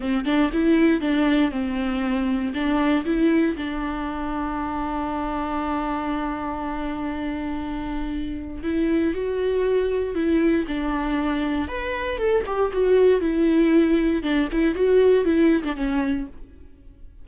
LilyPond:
\new Staff \with { instrumentName = "viola" } { \time 4/4 \tempo 4 = 118 c'8 d'8 e'4 d'4 c'4~ | c'4 d'4 e'4 d'4~ | d'1~ | d'1~ |
d'4 e'4 fis'2 | e'4 d'2 b'4 | a'8 g'8 fis'4 e'2 | d'8 e'8 fis'4 e'8. d'16 cis'4 | }